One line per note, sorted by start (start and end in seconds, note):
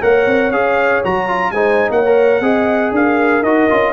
0.00 0.26 A#3
0.00 0.51 A#4
0.00 1.53 C#5
0.00 0.51 F#5
0.26 0.51 C4
0.51 1.01 C#4
0.51 1.03 G#4
0.51 1.02 F5
1.03 1.51 F#3
1.03 1.28 F#4
1.03 1.51 A#5
1.28 1.53 F4
1.51 1.89 G#3
1.51 2.05 D#4
1.51 1.92 C5
1.51 1.90 G#5
1.90 2.41 A#3
1.90 2.42 C#5
1.90 2.93 F#5
2.05 2.42 A#4
2.41 2.91 C4
2.41 3.44 G#4
2.41 2.93 D#5
2.92 3.42 D4
2.92 3.93 A#4
2.92 3.43 F5
3.42 3.67 D#4
3.42 3.69 F#4
3.42 3.93 D#5
3.69 3.93 C#4
3.69 3.93 F4